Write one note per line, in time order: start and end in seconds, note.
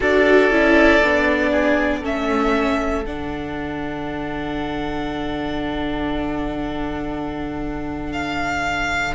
0.00 0.50 D4
0.00 0.50 F#4
0.00 1.51 A4
0.00 2.04 D5
0.50 1.00 C#4
0.50 1.01 E4
1.02 2.03 B3
1.02 2.02 D4
1.51 2.00 G#4
2.00 3.04 A3
2.00 3.04 C#4
2.00 9.11 A4
2.00 3.05 E5
3.04 9.14 D3
3.04 9.14 D4
3.04 8.12 F#5
8.12 9.14 F5